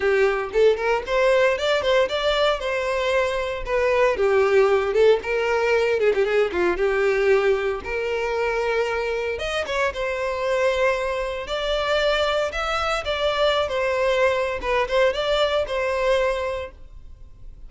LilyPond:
\new Staff \with { instrumentName = "violin" } { \time 4/4 \tempo 4 = 115 g'4 a'8 ais'8 c''4 d''8 c''8 | d''4 c''2 b'4 | g'4. a'8 ais'4. gis'16 g'16 | gis'8 f'8 g'2 ais'4~ |
ais'2 dis''8 cis''8 c''4~ | c''2 d''2 | e''4 d''4~ d''16 c''4.~ c''16 | b'8 c''8 d''4 c''2 | }